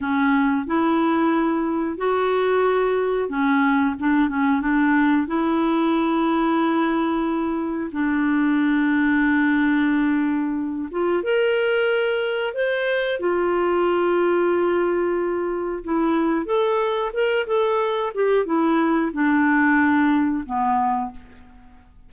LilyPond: \new Staff \with { instrumentName = "clarinet" } { \time 4/4 \tempo 4 = 91 cis'4 e'2 fis'4~ | fis'4 cis'4 d'8 cis'8 d'4 | e'1 | d'1~ |
d'8 f'8 ais'2 c''4 | f'1 | e'4 a'4 ais'8 a'4 g'8 | e'4 d'2 b4 | }